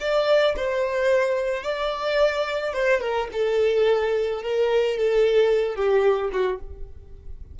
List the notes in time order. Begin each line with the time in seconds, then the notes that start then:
0.00 D5
0.57 C5
1.63 D5
2.73 C5
3.01 A#4
3.32 A4
4.42 A#4
4.97 A4
5.75 G4
6.32 F#4